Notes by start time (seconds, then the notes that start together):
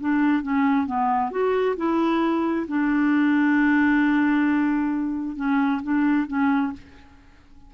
0.00 D4
0.42 C#4
0.86 B3
1.30 F#4
1.76 E4
2.67 D4
5.36 C#4
5.82 D4
6.27 C#4